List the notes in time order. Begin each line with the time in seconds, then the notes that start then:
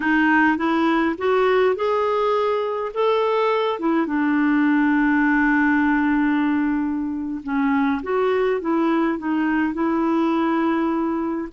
0.00 D#4
0.57 E4
1.18 F#4
1.75 G#4
2.93 A4
3.79 E4
4.06 D4
7.43 C#4
8.03 F#4
8.60 E4
9.18 D#4
9.73 E4